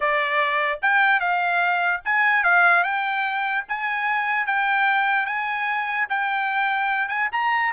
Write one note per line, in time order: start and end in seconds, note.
0.00 0.79 D5
0.81 1.20 G5
1.20 2.01 F5
2.05 2.43 G#5
2.43 2.83 F5
2.83 3.64 G5
3.68 4.46 G#5
4.46 5.26 G5
5.26 6.07 G#5
6.09 7.08 G5
7.08 7.28 G#5
7.32 7.72 A#5